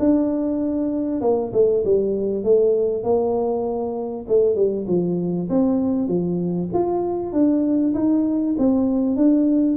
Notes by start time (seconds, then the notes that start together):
0.00 D4
1.21 A#3
1.54 A3
1.85 G3
2.44 A3
3.04 A#3
4.29 A3
4.56 G3
4.88 F3
5.50 C4
6.08 F3
6.74 F4
7.33 D4
7.95 D#4
8.59 C4
9.17 D4